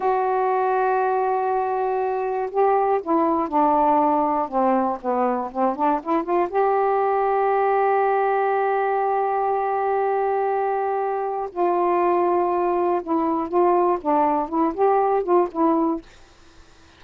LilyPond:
\new Staff \with { instrumentName = "saxophone" } { \time 4/4 \tempo 4 = 120 fis'1~ | fis'4 g'4 e'4 d'4~ | d'4 c'4 b4 c'8 d'8 | e'8 f'8 g'2.~ |
g'1~ | g'2. f'4~ | f'2 e'4 f'4 | d'4 e'8 g'4 f'8 e'4 | }